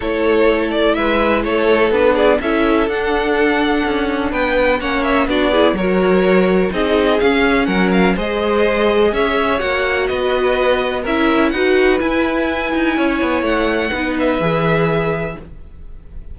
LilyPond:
<<
  \new Staff \with { instrumentName = "violin" } { \time 4/4 \tempo 4 = 125 cis''4. d''8 e''4 cis''4 | b'8 d''8 e''4 fis''2~ | fis''4 g''4 fis''8 e''8 d''4 | cis''2 dis''4 f''4 |
fis''8 f''8 dis''2 e''4 | fis''4 dis''2 e''4 | fis''4 gis''2. | fis''4. e''2~ e''8 | }
  \new Staff \with { instrumentName = "violin" } { \time 4/4 a'2 b'4 a'4~ | a'8 gis'8 a'2.~ | a'4 b'4 cis''4 fis'8 gis'8 | ais'2 gis'2 |
ais'4 c''2 cis''4~ | cis''4 b'2 ais'4 | b'2. cis''4~ | cis''4 b'2. | }
  \new Staff \with { instrumentName = "viola" } { \time 4/4 e'1 | d'4 e'4 d'2~ | d'2 cis'4 d'8 e'8 | fis'2 dis'4 cis'4~ |
cis'4 gis'2. | fis'2. e'4 | fis'4 e'2.~ | e'4 dis'4 gis'2 | }
  \new Staff \with { instrumentName = "cello" } { \time 4/4 a2 gis4 a4 | b4 cis'4 d'2 | cis'4 b4 ais4 b4 | fis2 c'4 cis'4 |
fis4 gis2 cis'4 | ais4 b2 cis'4 | dis'4 e'4. dis'8 cis'8 b8 | a4 b4 e2 | }
>>